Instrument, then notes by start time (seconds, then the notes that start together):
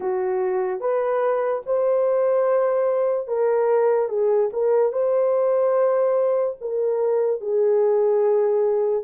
horn
0.00 F#4
0.80 B4
1.66 C5
3.27 A#4
4.09 G#4
4.52 A#4
4.92 C5
6.61 A#4
7.40 G#4